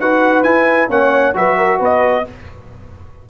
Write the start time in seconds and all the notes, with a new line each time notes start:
0.00 D#4 F#4 B4 F#5
0.43 E4 G#5
0.89 A#3 C#4 C#5 F#5
1.34 F#3 F#4 B4 E5
1.58 A#4
1.80 B3 B4 D#5